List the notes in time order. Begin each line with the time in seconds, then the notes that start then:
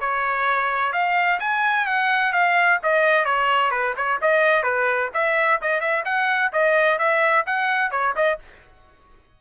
0.00 C#5
0.93 F5
1.40 G#5
1.86 F#5
2.32 F5
2.83 D#5
3.25 C#5
3.71 B4
3.96 C#5
4.21 D#5
4.63 B4
5.14 E5
5.61 D#5
5.81 E5
6.05 F#5
6.53 D#5
6.98 E5
7.46 F#5
7.91 C#5
8.16 D#5